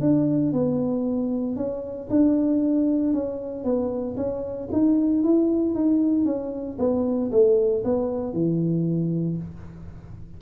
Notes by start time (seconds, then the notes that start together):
0.00 D4
0.52 B3
1.56 C#4
2.09 D4
3.13 C#4
3.64 B3
4.16 C#4
4.72 D#4
5.23 E4
5.74 D#4
6.25 C#4
6.78 B3
7.31 A3
7.84 B3
8.33 E3